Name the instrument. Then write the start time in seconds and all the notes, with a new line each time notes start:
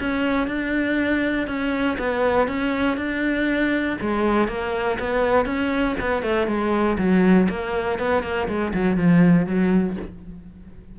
cello
0.00 C#4
0.47 D4
1.47 C#4
1.98 B3
2.48 C#4
2.97 D4
4.01 G#3
4.48 A#3
4.99 B3
5.46 C#4
6.00 B3
6.22 A3
6.47 G#3
6.98 F#3
7.49 A#3
7.99 B3
8.23 A#3
8.48 G#3
8.74 F#3
8.97 F3
9.46 F#3